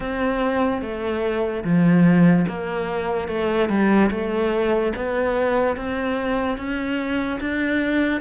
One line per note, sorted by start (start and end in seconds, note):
0.00 0.81 C4
0.81 1.63 A3
1.64 2.46 F3
2.47 3.28 A#3
3.28 3.69 A3
3.69 4.10 G3
4.10 4.92 A3
4.95 5.76 B3
5.76 6.57 C4
6.57 7.39 C#4
7.40 8.20 D4